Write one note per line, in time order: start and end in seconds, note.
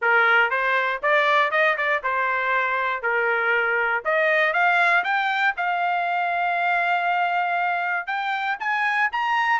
0.01 0.50 A#4
0.50 1.00 C5
1.02 1.51 D5
1.51 1.76 D#5
1.77 2.02 D5
2.03 3.02 C5
3.02 4.03 A#4
4.04 4.53 D#5
4.53 5.03 F5
5.04 5.54 G5
5.56 8.06 F5
8.06 8.57 G5
8.59 9.10 G#5
9.11 9.59 A#5